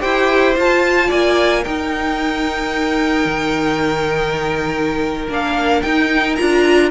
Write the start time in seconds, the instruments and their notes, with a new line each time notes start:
0.00 cello E4, viola G4, violin C5 G5
0.56 viola F4, cello F4, violin A5
1.08 cello A#3, violin D5 G#5
1.64 viola D#4, cello D#4, violin A#4 G5
3.25 cello D#3
5.29 cello A#3, viola D4, violin F5
5.82 cello D#4, viola D#4, violin G5
6.35 cello D4, viola F4, violin A#5